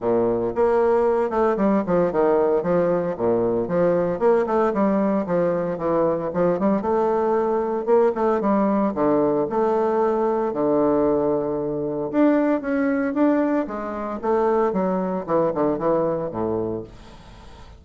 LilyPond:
\new Staff \with { instrumentName = "bassoon" } { \time 4/4 \tempo 4 = 114 ais,4 ais4. a8 g8 f8 | dis4 f4 ais,4 f4 | ais8 a8 g4 f4 e4 | f8 g8 a2 ais8 a8 |
g4 d4 a2 | d2. d'4 | cis'4 d'4 gis4 a4 | fis4 e8 d8 e4 a,4 | }